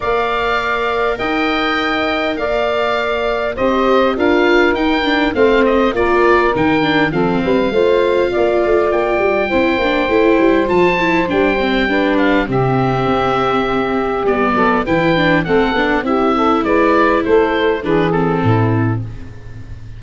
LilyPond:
<<
  \new Staff \with { instrumentName = "oboe" } { \time 4/4 \tempo 4 = 101 f''2 g''2 | f''2 dis''4 f''4 | g''4 f''8 dis''8 d''4 g''4 | f''2. g''4~ |
g''2 a''4 g''4~ | g''8 f''8 e''2. | d''4 g''4 fis''4 e''4 | d''4 c''4 b'8 a'4. | }
  \new Staff \with { instrumentName = "saxophone" } { \time 4/4 d''2 dis''2 | d''2 c''4 ais'4~ | ais'4 c''4 ais'2 | a'8 b'8 c''4 d''2 |
c''1 | b'4 g'2.~ | g'8 a'8 b'4 a'4 g'8 a'8 | b'4 a'4 gis'4 e'4 | }
  \new Staff \with { instrumentName = "viola" } { \time 4/4 ais'1~ | ais'2 g'4 f'4 | dis'8 d'8 c'4 f'4 dis'8 d'8 | c'4 f'2. |
e'8 d'8 e'4 f'8 e'8 d'8 c'8 | d'4 c'2. | b4 e'8 d'8 c'8 d'8 e'4~ | e'2 d'8 c'4. | }
  \new Staff \with { instrumentName = "tuba" } { \time 4/4 ais2 dis'2 | ais2 c'4 d'4 | dis'4 a4 ais4 dis4 | f8 g8 a4 ais8 a8 ais8 g8 |
c'8 ais8 a8 g8 f4 g4~ | g4 c4 c'2 | g8 fis8 e4 a8 b8 c'4 | gis4 a4 e4 a,4 | }
>>